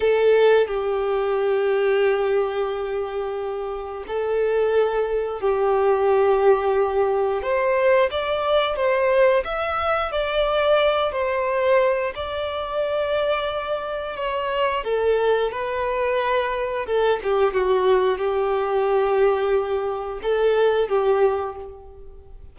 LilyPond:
\new Staff \with { instrumentName = "violin" } { \time 4/4 \tempo 4 = 89 a'4 g'2.~ | g'2 a'2 | g'2. c''4 | d''4 c''4 e''4 d''4~ |
d''8 c''4. d''2~ | d''4 cis''4 a'4 b'4~ | b'4 a'8 g'8 fis'4 g'4~ | g'2 a'4 g'4 | }